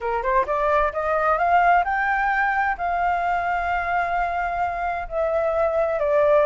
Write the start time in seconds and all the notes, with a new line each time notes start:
0.00 A#4
0.22 C5
0.46 D5
0.92 D#5
1.37 F5
1.84 G5
2.77 F5
5.08 E5
5.99 D5